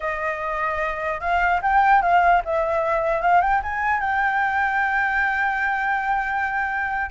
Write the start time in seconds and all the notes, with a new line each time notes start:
0.00 D#5
1.20 F5
1.62 G5
2.02 F5
2.44 E5
3.21 F5
3.41 G5
3.62 G#5
4.00 G5